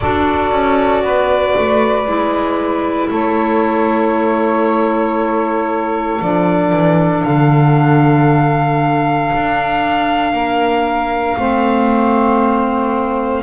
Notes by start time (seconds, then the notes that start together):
0.00 D4 F#4 A4 D5
0.51 C#4
1.02 B3 B4
1.58 A3
2.06 G#3 E4
3.09 A3 A4 C#5
6.21 F3 D4 D5
6.72 E3
7.23 D3 F5
9.35 D4
10.32 A#3 A#4
11.36 A3 C4 C5